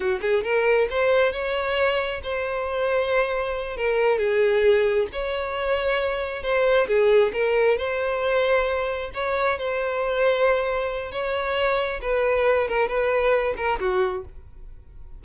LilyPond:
\new Staff \with { instrumentName = "violin" } { \time 4/4 \tempo 4 = 135 fis'8 gis'8 ais'4 c''4 cis''4~ | cis''4 c''2.~ | c''8 ais'4 gis'2 cis''8~ | cis''2~ cis''8 c''4 gis'8~ |
gis'8 ais'4 c''2~ c''8~ | c''8 cis''4 c''2~ c''8~ | c''4 cis''2 b'4~ | b'8 ais'8 b'4. ais'8 fis'4 | }